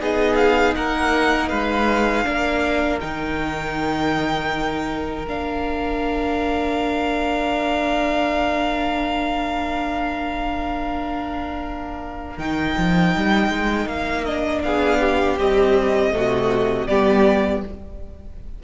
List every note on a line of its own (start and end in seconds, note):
0.00 0.76 B3
0.00 2.24 D#4
0.00 0.76 G#4
0.00 0.36 D#5
0.36 0.74 F5
0.76 1.51 A#3
0.76 1.49 A#4
0.76 1.49 F#5
1.49 2.26 G#3
1.49 2.24 B4
1.49 2.99 F5
2.24 3.02 A#3
2.24 2.99 D4
2.24 14.65 A#4
3.01 5.25 D#3
3.01 5.26 D#4
3.01 5.26 G5
5.25 12.38 A#3
5.25 12.39 D4
5.25 12.38 F5
12.38 12.75 D#3
12.38 14.26 D#4
12.38 13.88 G5
12.78 13.15 F3
13.16 13.49 G3
13.49 13.86 G#3
13.86 14.61 A#3
13.86 14.25 F5
14.25 15.38 D4
14.25 14.62 D#5
14.63 15.39 B3
14.63 15.00 G#4
14.63 15.38 F5
15.00 16.13 G4
15.38 16.12 G3
15.38 16.14 C4
15.38 16.87 D#5
16.12 16.89 C3
16.12 16.87 A3
16.12 16.88 F#4
16.87 17.64 G3
16.87 17.64 B3
16.87 17.63 G4
16.87 17.62 D5